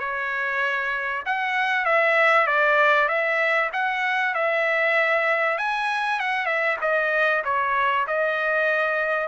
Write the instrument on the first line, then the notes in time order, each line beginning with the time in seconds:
trumpet
0.00 C#5
1.26 F#5
1.85 E5
2.47 D5
3.08 E5
3.73 F#5
4.35 E5
5.58 G#5
6.20 F#5
6.46 E5
6.82 D#5
7.45 C#5
8.07 D#5